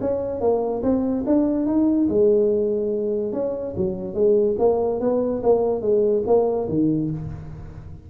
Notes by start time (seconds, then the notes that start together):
0.00 C#4
0.40 A#3
0.82 C4
1.26 D4
1.66 D#4
2.09 G#3
3.32 C#4
3.76 F#3
4.14 G#3
4.58 A#3
5.00 B3
5.43 A#3
5.81 G#3
6.26 A#3
6.68 D#3